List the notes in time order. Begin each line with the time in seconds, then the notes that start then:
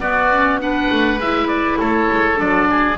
0.00 B3 F#4 D5
0.31 C#4
0.60 D4 B4 F#5
0.91 A3
1.18 G#3 E4 E5
1.48 D5
1.79 A3 A4 C#5
2.12 G#3
2.35 F#3 D4 D5
2.70 G#4